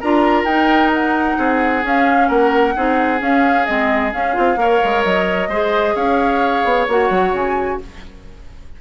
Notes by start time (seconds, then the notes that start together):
0.00 D4 F4 A#4 A#5
0.43 D#4 G5
0.93 F#5
1.37 C4 G#4
1.82 C#4 F5
2.28 A#3 A#4 F#5
2.76 C4 D#4 G#4
3.18 C#4 F5
3.65 G#3 C4 D#5
4.11 C#4 F5
4.33 C4 F4
4.56 A#3 A#4 C#5
4.83 G#3
5.04 F#3 D#5
5.48 G#3 G#4 C5
5.95 C#4 C#5 F5
6.64 B3
6.87 A#3 F#4 F#5
7.10 F#3
7.32 C#3 G#5